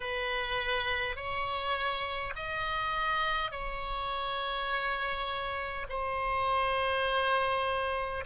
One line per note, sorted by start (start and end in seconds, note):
0.00 1.16 B4
1.16 2.33 C#5
2.35 3.51 D#5
3.51 5.86 C#5
5.89 8.24 C5